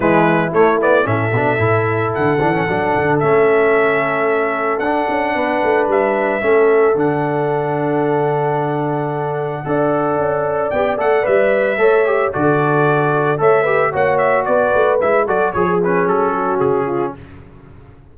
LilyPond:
<<
  \new Staff \with { instrumentName = "trumpet" } { \time 4/4 \tempo 4 = 112 b'4 cis''8 d''8 e''2 | fis''2 e''2~ | e''4 fis''2 e''4~ | e''4 fis''2.~ |
fis''1 | g''8 fis''8 e''2 d''4~ | d''4 e''4 fis''8 e''8 d''4 | e''8 d''8 cis''8 b'8 a'4 gis'4 | }
  \new Staff \with { instrumentName = "horn" } { \time 4/4 e'2 a'2~ | a'1~ | a'2 b'2 | a'1~ |
a'2 d''2~ | d''2 cis''4 a'4~ | a'4 cis''8 b'8 cis''4 b'4~ | b'8 a'8 gis'4. fis'4 f'8 | }
  \new Staff \with { instrumentName = "trombone" } { \time 4/4 gis4 a8 b8 cis'8 d'8 e'4~ | e'8 d'16 cis'16 d'4 cis'2~ | cis'4 d'2. | cis'4 d'2.~ |
d'2 a'2 | g'8 a'8 b'4 a'8 g'8 fis'4~ | fis'4 a'8 g'8 fis'2 | e'8 fis'8 gis'8 cis'2~ cis'8 | }
  \new Staff \with { instrumentName = "tuba" } { \time 4/4 e4 a4 a,8 b,8 a,4 | d8 e8 fis8 d8 a2~ | a4 d'8 cis'8 b8 a8 g4 | a4 d2.~ |
d2 d'4 cis'4 | b8 a8 g4 a4 d4~ | d4 a4 ais4 b8 a8 | gis8 fis8 f4 fis4 cis4 | }
>>